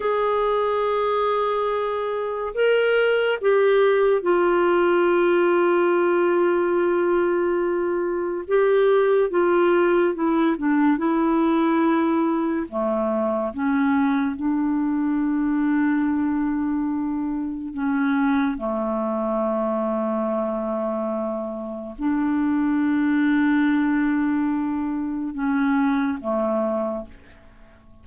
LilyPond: \new Staff \with { instrumentName = "clarinet" } { \time 4/4 \tempo 4 = 71 gis'2. ais'4 | g'4 f'2.~ | f'2 g'4 f'4 | e'8 d'8 e'2 a4 |
cis'4 d'2.~ | d'4 cis'4 a2~ | a2 d'2~ | d'2 cis'4 a4 | }